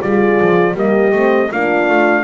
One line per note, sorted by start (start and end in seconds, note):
0.00 0.40 G3
0.00 0.75 F4
0.00 0.74 G#4
0.00 0.76 D5
0.40 0.74 F3
0.74 1.11 G3
0.74 1.12 A#3
0.74 1.49 G4
0.74 1.52 D#5
1.11 1.49 A3
1.11 1.50 C4
1.51 1.88 A#3
1.51 2.23 D4
1.51 2.23 F4
1.51 2.23 F5
1.88 2.23 A3